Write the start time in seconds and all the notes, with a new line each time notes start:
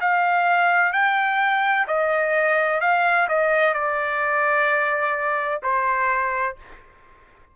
0.00 F5
0.92 G5
1.87 D#5
2.80 F5
3.28 D#5
3.74 D5
5.62 C5